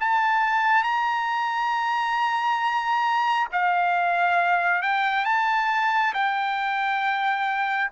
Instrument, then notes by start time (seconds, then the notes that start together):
trumpet
0.00 A5
0.83 A#5
3.52 F5
4.82 G5
5.25 A5
6.14 G5